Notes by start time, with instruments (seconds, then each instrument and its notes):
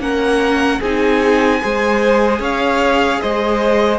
0.00 cello A#3, viola C#4, violin A#4 F#5
0.80 cello C4, viola D#4, violin G#4 G#5
1.61 cello G#3, viola G#4, violin C5
2.40 cello C#4, violin C#5 F5
3.22 cello G#3, violin C5 D#5